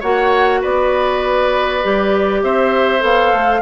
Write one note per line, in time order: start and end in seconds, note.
0.00 0.63 A#3
0.00 1.83 F#4
0.00 0.60 C#5
0.00 0.62 F#5
0.61 1.84 B3
0.61 2.41 B4
0.61 2.43 D5
1.83 2.43 G3
1.83 3.00 G4
2.43 3.02 C4
2.43 3.62 C5
2.43 3.03 E5
3.00 3.32 B3
3.00 3.60 A4
3.00 3.62 F5
3.33 3.62 A3